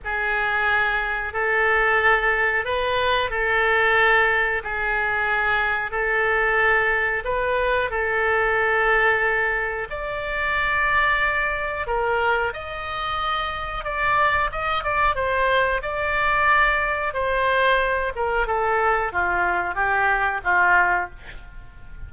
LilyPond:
\new Staff \with { instrumentName = "oboe" } { \time 4/4 \tempo 4 = 91 gis'2 a'2 | b'4 a'2 gis'4~ | gis'4 a'2 b'4 | a'2. d''4~ |
d''2 ais'4 dis''4~ | dis''4 d''4 dis''8 d''8 c''4 | d''2 c''4. ais'8 | a'4 f'4 g'4 f'4 | }